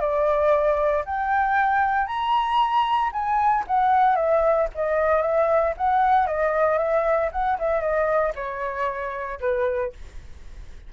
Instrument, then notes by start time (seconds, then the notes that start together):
flute
0.00 D5
1.05 G5
2.07 A#5
3.12 G#5
3.67 F#5
4.15 E5
4.75 D#5
5.22 E5
5.77 F#5
6.27 D#5
6.78 E5
7.32 F#5
7.59 E5
7.80 D#5
8.35 C#5
9.40 B4